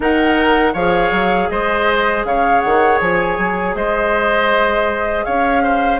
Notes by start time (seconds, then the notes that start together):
0.00 D#3 D#4 A#4 F#5
0.73 F3 G#4 C#5 F5
1.11 F#3
1.49 G#3 C5 D#5
2.24 C#3 C#5 F5
2.60 D#3 F#5
3.00 F3 G#5
3.38 F#3
3.74 G#3 C5 D#5
5.24 C#4 C#5 F5
5.62 C5